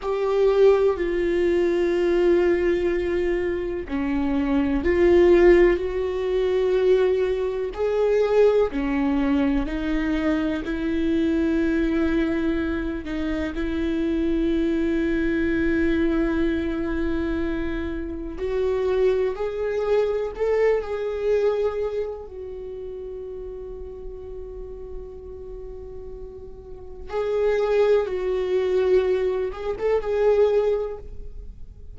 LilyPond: \new Staff \with { instrumentName = "viola" } { \time 4/4 \tempo 4 = 62 g'4 f'2. | cis'4 f'4 fis'2 | gis'4 cis'4 dis'4 e'4~ | e'4. dis'8 e'2~ |
e'2. fis'4 | gis'4 a'8 gis'4. fis'4~ | fis'1 | gis'4 fis'4. gis'16 a'16 gis'4 | }